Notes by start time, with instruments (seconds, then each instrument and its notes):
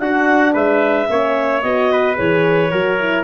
0.00 tuba D4, horn D4, trumpet F#4, clarinet F#5
0.53 tuba G#3, trumpet B4, clarinet E5
1.08 tuba A#3, horn C#4, trumpet C#5
1.62 tuba B3, horn F#4, clarinet D#5
1.92 trumpet B4
2.16 tuba E3, horn G#4, clarinet C#5
2.71 tuba F#3, horn F#4, trumpet A#4
2.99 horn E4